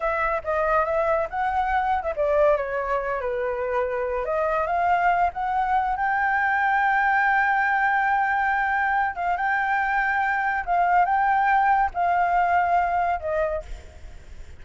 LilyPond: \new Staff \with { instrumentName = "flute" } { \time 4/4 \tempo 4 = 141 e''4 dis''4 e''4 fis''4~ | fis''8. e''16 d''4 cis''4. b'8~ | b'2 dis''4 f''4~ | f''8 fis''4. g''2~ |
g''1~ | g''4. f''8 g''2~ | g''4 f''4 g''2 | f''2. dis''4 | }